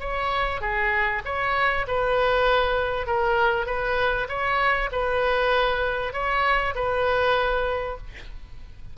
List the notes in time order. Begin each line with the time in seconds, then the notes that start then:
0.00 C#5
0.61 G#4
1.25 C#5
1.88 B4
3.07 A#4
3.67 B4
4.29 C#5
4.92 B4
6.13 C#5
6.75 B4